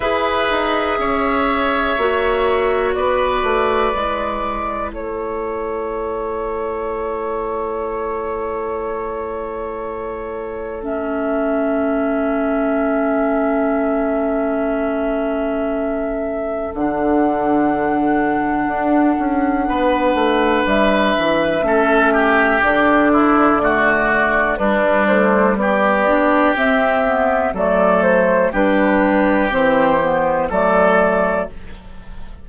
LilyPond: <<
  \new Staff \with { instrumentName = "flute" } { \time 4/4 \tempo 4 = 61 e''2. d''4~ | d''4 cis''2.~ | cis''2. e''4~ | e''1~ |
e''4 fis''2.~ | fis''4 e''2 d''4~ | d''4 b'8 c''8 d''4 e''4 | d''8 c''8 b'4 c''4 d''4 | }
  \new Staff \with { instrumentName = "oboe" } { \time 4/4 b'4 cis''2 b'4~ | b'4 a'2.~ | a'1~ | a'1~ |
a'1 | b'2 a'8 g'4 e'8 | fis'4 d'4 g'2 | a'4 g'2 a'4 | }
  \new Staff \with { instrumentName = "clarinet" } { \time 4/4 gis'2 fis'2 | e'1~ | e'2. cis'4~ | cis'1~ |
cis'4 d'2.~ | d'2 cis'4 d'4 | a4 g4. d'8 c'8 b8 | a4 d'4 c'8 b8 a4 | }
  \new Staff \with { instrumentName = "bassoon" } { \time 4/4 e'8 dis'8 cis'4 ais4 b8 a8 | gis4 a2.~ | a1~ | a1~ |
a4 d2 d'8 cis'8 | b8 a8 g8 e8 a4 d4~ | d4 g8 a8 b4 c'4 | fis4 g4 e4 fis4 | }
>>